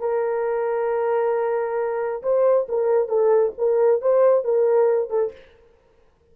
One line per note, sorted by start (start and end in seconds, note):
0.00 2.22 A#4
2.23 2.67 C5
2.69 3.08 A#4
3.08 3.53 A4
3.58 4.01 A#4
4.01 4.44 C5
4.44 5.10 A#4
5.10 5.32 A4